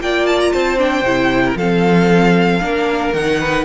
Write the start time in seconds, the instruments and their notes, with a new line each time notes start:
0.00 cello A#3, viola F4, violin D5 G5
0.26 violin A5
0.40 violin A#5
0.52 cello C4, violin C5 A5
0.77 viola D4, violin G5
1.02 cello C3, viola E4
1.45 violin A#4
1.55 cello F3, viola C4, violin A4 F5
2.60 cello A#3, viola D4, violin A#4
3.13 cello D#3, viola D#4, violin F#5
3.39 violin B4